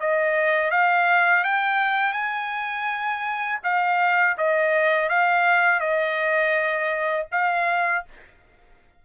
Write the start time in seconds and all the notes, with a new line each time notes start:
0.00 D#5
0.71 F5
1.44 G5
2.13 G#5
3.64 F5
4.38 D#5
5.09 F5
5.80 D#5
7.32 F5